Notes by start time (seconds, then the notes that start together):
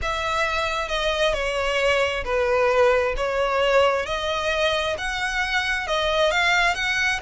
0.01 E5
0.88 D#5
1.33 C#5
2.24 B4
3.16 C#5
4.06 D#5
4.97 F#5
5.87 D#5
6.31 F5
6.74 F#5